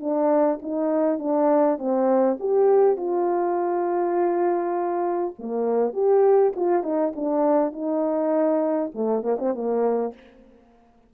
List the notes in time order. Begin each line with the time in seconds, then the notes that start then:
0.00 D4
0.62 D#4
1.19 D4
1.78 C4
2.40 G4
2.97 F4
5.39 A#3
5.93 G4
6.56 F4
6.83 D#4
7.16 D4
7.72 D#4
8.95 A3
9.23 A#3
9.39 C4
9.55 A#3